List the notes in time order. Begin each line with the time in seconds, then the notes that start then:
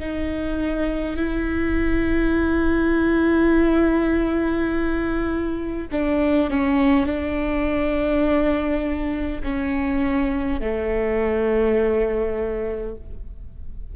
0.00 D#4
1.17 E4
5.92 D4
6.50 C#4
7.06 D4
9.43 C#4
10.60 A3